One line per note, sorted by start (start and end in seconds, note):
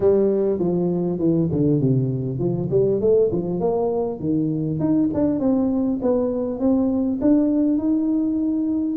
0.00 0.59 G3
0.59 1.18 F3
1.18 1.48 E3
1.51 1.80 D3
1.80 2.38 C3
2.38 2.68 F3
2.70 3.00 G3
3.00 3.30 A3
3.31 3.59 F3
3.59 4.19 A#3
4.19 4.79 D#3
4.79 5.09 D#4
5.14 5.39 D4
5.39 5.99 C4
6.02 6.59 B3
6.59 7.19 C4
7.21 7.78 D4
7.78 8.96 D#4